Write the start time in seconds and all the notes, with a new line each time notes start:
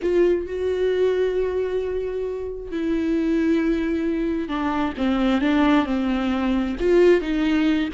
0.01 F4
0.46 F#4
2.71 E4
4.48 D4
4.97 C4
5.41 D4
5.85 C4
6.79 F4
7.21 D#4